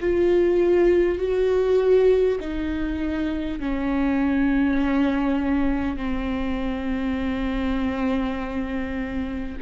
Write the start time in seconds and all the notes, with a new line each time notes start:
0.00 F4
1.18 F#4
2.40 D#4
3.59 C#4
5.97 C4